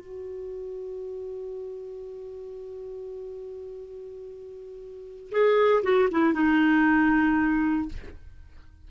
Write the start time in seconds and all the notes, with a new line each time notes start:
0.00 F#4
5.31 G#4
5.83 F#4
6.11 E4
6.33 D#4